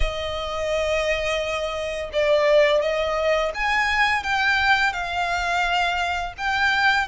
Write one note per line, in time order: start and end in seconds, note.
0.00 2.10 D#5
2.12 2.81 D5
2.81 3.52 D#5
3.54 4.23 G#5
4.23 4.92 G5
4.92 6.33 F5
6.37 7.07 G5